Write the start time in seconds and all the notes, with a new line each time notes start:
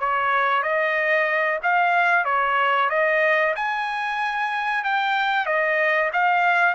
0.00 C#5
0.63 D#5
1.63 F5
2.25 C#5
2.90 D#5
3.56 G#5
4.84 G5
5.46 D#5
6.13 F5